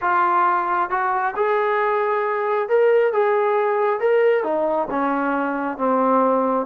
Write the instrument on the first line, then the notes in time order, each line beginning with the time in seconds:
trombone
0.01 F4
0.89 F#4
1.36 G#4
2.68 A#4
3.12 G#4
4.00 A#4
4.43 D#4
4.90 C#4
5.77 C4